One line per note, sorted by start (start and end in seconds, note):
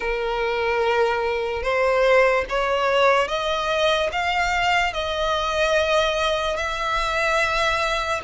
0.00 1.62 A#4
1.62 2.44 C5
2.49 3.28 C#5
3.28 4.10 D#5
4.12 4.93 F5
4.93 6.56 D#5
6.56 8.21 E5